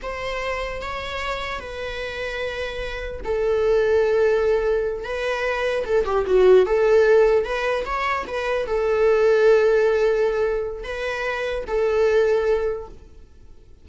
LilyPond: \new Staff \with { instrumentName = "viola" } { \time 4/4 \tempo 4 = 149 c''2 cis''2 | b'1 | a'1~ | a'8 b'2 a'8 g'8 fis'8~ |
fis'8 a'2 b'4 cis''8~ | cis''8 b'4 a'2~ a'8~ | a'2. b'4~ | b'4 a'2. | }